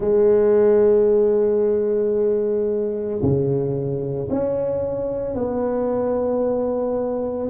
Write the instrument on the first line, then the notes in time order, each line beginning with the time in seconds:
tuba
0.00 G#3
3.21 C#3
4.30 C#4
5.35 B3